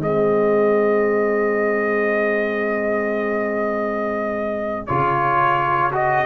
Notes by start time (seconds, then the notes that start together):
0.00 G#3 C4 G#4 D#5
4.86 C#3 F4 C#5
5.92 F#4 D#5